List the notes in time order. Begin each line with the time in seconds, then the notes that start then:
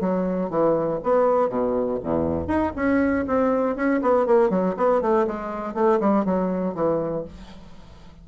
0.00 F#3
0.50 E3
1.03 B3
1.49 B2
2.02 E2
2.47 D#4
2.76 C#4
3.27 C4
3.75 C#4
4.02 B3
4.26 A#3
4.50 F#3
4.77 B3
5.01 A3
5.27 G#3
5.74 A3
6.00 G3
6.25 F#3
6.75 E3